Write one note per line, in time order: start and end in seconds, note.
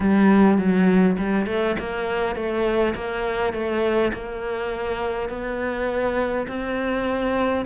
0.00 0.58 G3
0.58 1.17 F#3
1.17 1.46 G3
1.46 1.75 A3
1.79 2.35 A#3
2.35 2.94 A3
2.94 3.53 A#3
3.53 4.11 A3
4.13 5.29 A#3
5.29 6.47 B3
6.47 7.65 C4